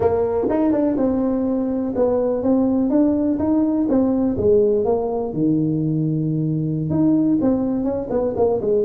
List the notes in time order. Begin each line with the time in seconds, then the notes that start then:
0.00 A#3
0.49 D#4
0.71 D4
0.97 C4
1.95 B3
2.43 C4
2.89 D4
3.38 D#4
3.88 C4
4.37 G#3
4.85 A#3
5.33 D#3
6.90 D#4
7.41 C4
7.83 C#4
8.10 B3
8.36 A#3
8.61 G#3